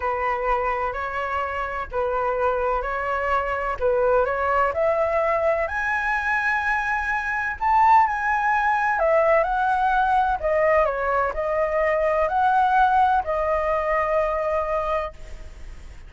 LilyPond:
\new Staff \with { instrumentName = "flute" } { \time 4/4 \tempo 4 = 127 b'2 cis''2 | b'2 cis''2 | b'4 cis''4 e''2 | gis''1 |
a''4 gis''2 e''4 | fis''2 dis''4 cis''4 | dis''2 fis''2 | dis''1 | }